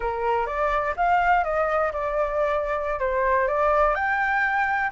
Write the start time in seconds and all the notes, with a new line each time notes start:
0.00 A#4
0.46 D5
0.96 F5
1.44 D#5
1.92 D5
2.99 C5
3.47 D5
3.94 G5